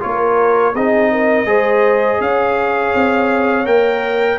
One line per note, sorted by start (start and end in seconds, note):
0.00 0.74 A#3
0.00 0.73 F4
0.00 0.75 A#4
0.00 0.75 C#5
0.74 1.45 C4
0.74 1.46 D#4
0.74 1.11 G#4
0.74 2.21 D#5
1.12 1.48 A#4
1.45 2.19 G#3
1.45 3.65 G#4
1.45 2.21 C5
2.21 2.94 C#4
2.21 4.39 C#5
2.21 3.66 F5
2.95 3.66 C4
3.65 4.39 A#3
3.65 4.38 A#4
3.65 4.39 G5